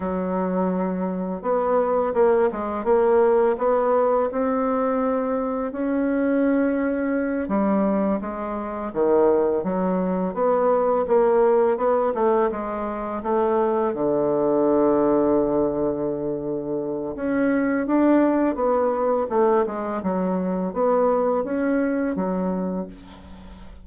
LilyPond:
\new Staff \with { instrumentName = "bassoon" } { \time 4/4 \tempo 4 = 84 fis2 b4 ais8 gis8 | ais4 b4 c'2 | cis'2~ cis'8 g4 gis8~ | gis8 dis4 fis4 b4 ais8~ |
ais8 b8 a8 gis4 a4 d8~ | d1 | cis'4 d'4 b4 a8 gis8 | fis4 b4 cis'4 fis4 | }